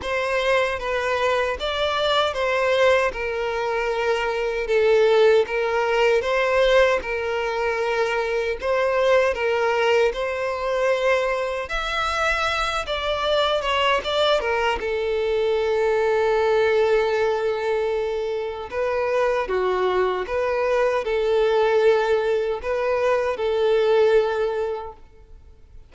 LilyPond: \new Staff \with { instrumentName = "violin" } { \time 4/4 \tempo 4 = 77 c''4 b'4 d''4 c''4 | ais'2 a'4 ais'4 | c''4 ais'2 c''4 | ais'4 c''2 e''4~ |
e''8 d''4 cis''8 d''8 ais'8 a'4~ | a'1 | b'4 fis'4 b'4 a'4~ | a'4 b'4 a'2 | }